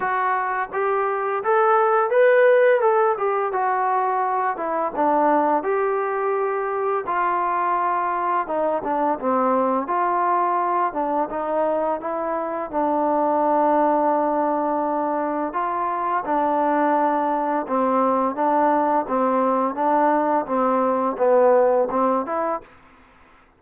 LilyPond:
\new Staff \with { instrumentName = "trombone" } { \time 4/4 \tempo 4 = 85 fis'4 g'4 a'4 b'4 | a'8 g'8 fis'4. e'8 d'4 | g'2 f'2 | dis'8 d'8 c'4 f'4. d'8 |
dis'4 e'4 d'2~ | d'2 f'4 d'4~ | d'4 c'4 d'4 c'4 | d'4 c'4 b4 c'8 e'8 | }